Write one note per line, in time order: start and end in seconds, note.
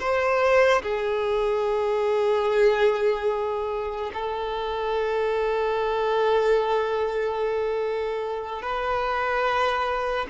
0.00 0.82 C5
0.83 4.11 G#4
4.14 8.62 A4
8.62 10.27 B4